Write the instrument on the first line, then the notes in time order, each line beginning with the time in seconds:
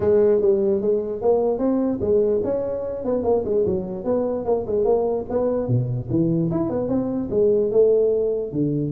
tuba
0.00 G#3
0.41 G3
0.81 G#3
1.21 A#3
1.58 C4
2.00 G#3
2.44 C#4
3.04 B3
3.23 A#3
3.45 G#3
3.66 F#3
4.04 B3
4.45 A#3
4.66 G#3
4.84 A#3
5.29 B3
5.67 B2
6.10 E3
6.50 E4
6.69 B3
6.88 C4
7.30 G#3
7.71 A3
8.52 D3